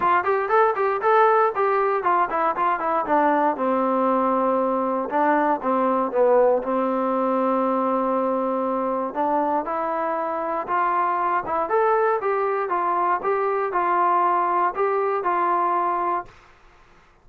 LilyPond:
\new Staff \with { instrumentName = "trombone" } { \time 4/4 \tempo 4 = 118 f'8 g'8 a'8 g'8 a'4 g'4 | f'8 e'8 f'8 e'8 d'4 c'4~ | c'2 d'4 c'4 | b4 c'2.~ |
c'2 d'4 e'4~ | e'4 f'4. e'8 a'4 | g'4 f'4 g'4 f'4~ | f'4 g'4 f'2 | }